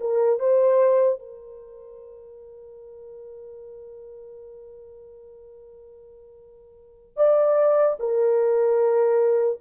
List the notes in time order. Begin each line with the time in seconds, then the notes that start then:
0.00 A#4
0.39 C5
1.19 A#4
7.16 D5
7.99 A#4